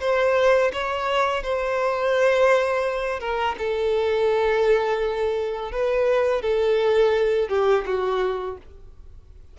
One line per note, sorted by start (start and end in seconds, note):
0.00 0.71 C5
0.72 1.43 C#5
1.43 3.20 C5
3.20 3.56 A#4
3.58 5.72 A4
5.72 6.42 B4
6.42 7.49 A4
7.49 7.84 G4
7.86 8.57 F#4